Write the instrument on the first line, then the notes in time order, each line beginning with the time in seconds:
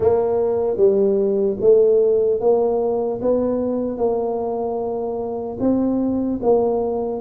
tuba
0.00 A#3
0.76 G3
1.60 A3
2.40 A#3
3.21 B3
3.97 A#3
5.60 C4
6.42 A#3